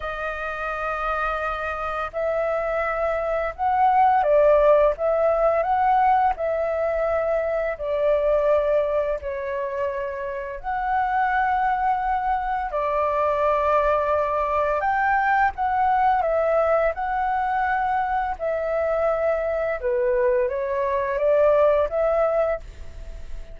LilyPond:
\new Staff \with { instrumentName = "flute" } { \time 4/4 \tempo 4 = 85 dis''2. e''4~ | e''4 fis''4 d''4 e''4 | fis''4 e''2 d''4~ | d''4 cis''2 fis''4~ |
fis''2 d''2~ | d''4 g''4 fis''4 e''4 | fis''2 e''2 | b'4 cis''4 d''4 e''4 | }